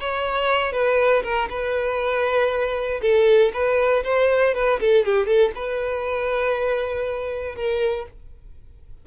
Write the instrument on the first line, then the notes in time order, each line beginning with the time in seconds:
violin
0.00 C#5
0.72 B4
1.23 A#4
1.49 B4
3.01 A4
3.53 B4
4.04 C5
4.54 B4
4.80 A4
5.05 G4
5.26 A4
5.55 B4
7.55 A#4